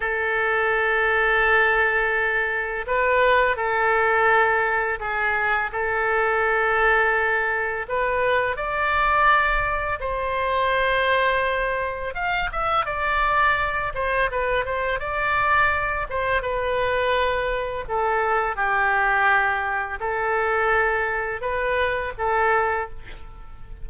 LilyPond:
\new Staff \with { instrumentName = "oboe" } { \time 4/4 \tempo 4 = 84 a'1 | b'4 a'2 gis'4 | a'2. b'4 | d''2 c''2~ |
c''4 f''8 e''8 d''4. c''8 | b'8 c''8 d''4. c''8 b'4~ | b'4 a'4 g'2 | a'2 b'4 a'4 | }